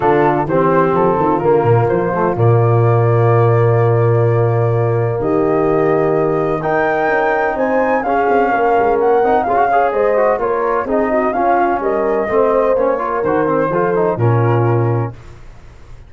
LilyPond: <<
  \new Staff \with { instrumentName = "flute" } { \time 4/4 \tempo 4 = 127 a'4 c''4 a'4 ais'4 | c''4 d''2.~ | d''2. dis''4~ | dis''2 g''2 |
gis''4 f''2 fis''4 | f''4 dis''4 cis''4 dis''4 | f''4 dis''2 cis''4 | c''2 ais'2 | }
  \new Staff \with { instrumentName = "horn" } { \time 4/4 f'4 g'4. f'4.~ | f'1~ | f'2. g'4~ | g'2 ais'2 |
c''4 gis'4 ais'2 | gis'8 cis''8 c''4 ais'4 gis'8 fis'8 | f'4 ais'4 c''4. ais'8~ | ais'4 a'4 f'2 | }
  \new Staff \with { instrumentName = "trombone" } { \time 4/4 d'4 c'2 ais4~ | ais8 a8 ais2.~ | ais1~ | ais2 dis'2~ |
dis'4 cis'2~ cis'8 dis'8 | f'16 fis'16 gis'4 fis'8 f'4 dis'4 | cis'2 c'4 cis'8 f'8 | fis'8 c'8 f'8 dis'8 cis'2 | }
  \new Staff \with { instrumentName = "tuba" } { \time 4/4 d4 e4 f8 dis8 d8 ais,8 | f4 ais,2.~ | ais,2. dis4~ | dis2 dis'4 cis'4 |
c'4 cis'8 c'8 ais8 gis8 ais8 c'8 | cis'4 gis4 ais4 c'4 | cis'4 g4 a4 ais4 | dis4 f4 ais,2 | }
>>